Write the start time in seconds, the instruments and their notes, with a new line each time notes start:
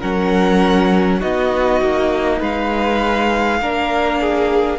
0.00 cello F#3, viola C#4, violin A#4 F#5
1.19 cello B3, viola D#4, violin F#4 D#5
1.81 cello A#3
2.39 cello G#3, violin B4 F5
3.62 cello A#3, viola D4, violin A#4
4.21 violin G#4